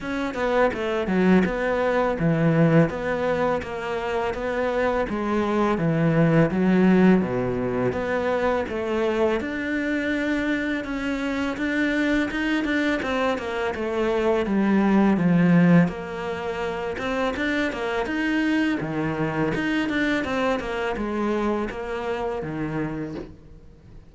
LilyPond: \new Staff \with { instrumentName = "cello" } { \time 4/4 \tempo 4 = 83 cis'8 b8 a8 fis8 b4 e4 | b4 ais4 b4 gis4 | e4 fis4 b,4 b4 | a4 d'2 cis'4 |
d'4 dis'8 d'8 c'8 ais8 a4 | g4 f4 ais4. c'8 | d'8 ais8 dis'4 dis4 dis'8 d'8 | c'8 ais8 gis4 ais4 dis4 | }